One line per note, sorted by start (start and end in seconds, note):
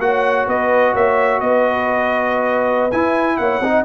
0.00 0.47 A#3
0.00 2.92 F#4
0.00 0.48 C#5
0.00 0.47 F#5
0.47 0.94 B3
0.47 0.94 B4
0.47 0.95 D#5
0.94 1.41 A#3
0.94 1.40 C#5
0.94 1.41 E5
1.41 2.92 B3
1.41 3.40 B4
1.41 2.92 D#5
2.92 3.39 E4
2.92 3.63 E4
2.92 3.37 G#5
3.37 3.60 A#3
3.37 3.63 C#5
3.37 3.84 F#5
3.60 3.84 C4
3.60 3.86 D#4
3.60 3.86 D#5